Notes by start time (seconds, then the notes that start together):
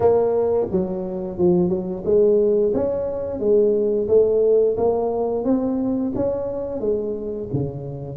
0.00 A#3
0.71 F#3
1.38 F3
1.69 F#3
2.04 G#3
2.74 C#4
3.39 G#3
4.08 A3
4.77 A#3
5.44 C4
6.15 C#4
6.80 G#3
7.53 C#3